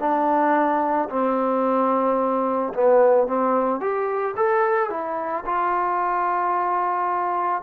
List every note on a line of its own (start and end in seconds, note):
0.00 1.09 D4
1.10 2.74 C4
2.74 3.28 B3
3.28 3.81 C4
3.81 4.35 G4
4.37 4.90 A4
4.90 5.45 E4
5.46 7.63 F4